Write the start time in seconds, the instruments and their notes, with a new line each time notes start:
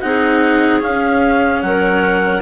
0.00 bassoon C4, cello D#4, clarinet G#4 F#5
0.80 cello C#4, bassoon C#4, clarinet F5
1.62 bassoon F#3, clarinet A#4 F#5